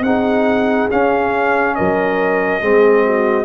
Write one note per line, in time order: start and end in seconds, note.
0.00 0.86 C4
0.00 0.90 D#4
0.00 1.76 G#4
0.00 0.89 F#5
0.90 2.61 C#4
0.90 1.78 C#4
0.90 1.75 F5
1.75 2.62 F#3
1.75 2.61 A#4
1.75 3.45 D#5
2.61 3.45 G#3
2.61 3.45 C4
2.61 3.04 G#4
3.05 3.45 F#4